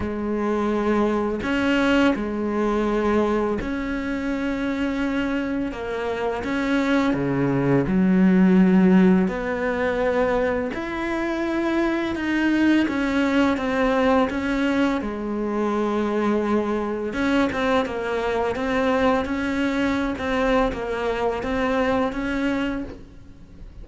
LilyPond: \new Staff \with { instrumentName = "cello" } { \time 4/4 \tempo 4 = 84 gis2 cis'4 gis4~ | gis4 cis'2. | ais4 cis'4 cis4 fis4~ | fis4 b2 e'4~ |
e'4 dis'4 cis'4 c'4 | cis'4 gis2. | cis'8 c'8 ais4 c'4 cis'4~ | cis'16 c'8. ais4 c'4 cis'4 | }